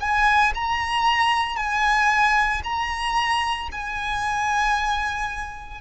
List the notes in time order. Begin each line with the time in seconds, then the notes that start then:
0.00 G#5
0.54 A#5
1.56 G#5
2.64 A#5
3.72 G#5